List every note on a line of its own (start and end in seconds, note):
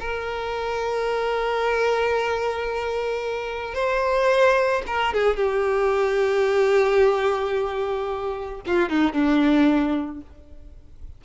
0.00 3.74 A#4
3.74 4.83 C5
4.87 5.14 A#4
5.14 5.36 G#4
5.36 8.61 G4
8.66 8.89 F4
8.89 9.13 D#4
9.13 10.21 D4